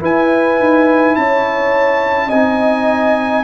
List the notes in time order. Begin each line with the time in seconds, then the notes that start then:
0.00 E4 B4 G#5
0.59 D#4
1.16 C#4 C#5 A5
2.28 C4 D#5 G#5
2.35 D#4